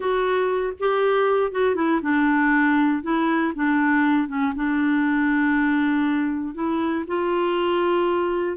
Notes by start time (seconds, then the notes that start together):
0.00 F#4
0.79 G4
1.51 F#4
1.75 E4
2.01 D4
3.03 E4
3.55 D4
4.28 C#4
4.55 D4
6.54 E4
7.07 F4